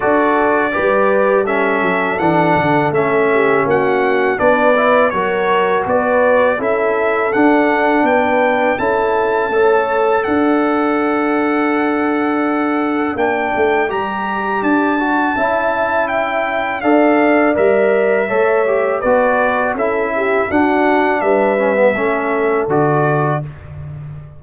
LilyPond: <<
  \new Staff \with { instrumentName = "trumpet" } { \time 4/4 \tempo 4 = 82 d''2 e''4 fis''4 | e''4 fis''4 d''4 cis''4 | d''4 e''4 fis''4 g''4 | a''2 fis''2~ |
fis''2 g''4 ais''4 | a''2 g''4 f''4 | e''2 d''4 e''4 | fis''4 e''2 d''4 | }
  \new Staff \with { instrumentName = "horn" } { \time 4/4 a'4 b'4 a'2~ | a'8 g'8 fis'4 b'4 ais'4 | b'4 a'2 b'4 | a'4 cis''4 d''2~ |
d''1~ | d''4 e''2 d''4~ | d''4 cis''4 b'4 a'8 g'8 | fis'4 b'4 a'2 | }
  \new Staff \with { instrumentName = "trombone" } { \time 4/4 fis'4 g'4 cis'4 d'4 | cis'2 d'8 e'8 fis'4~ | fis'4 e'4 d'2 | e'4 a'2.~ |
a'2 d'4 g'4~ | g'8 fis'8 e'2 a'4 | ais'4 a'8 g'8 fis'4 e'4 | d'4. cis'16 b16 cis'4 fis'4 | }
  \new Staff \with { instrumentName = "tuba" } { \time 4/4 d'4 g4. fis8 e8 d8 | a4 ais4 b4 fis4 | b4 cis'4 d'4 b4 | cis'4 a4 d'2~ |
d'2 ais8 a8 g4 | d'4 cis'2 d'4 | g4 a4 b4 cis'4 | d'4 g4 a4 d4 | }
>>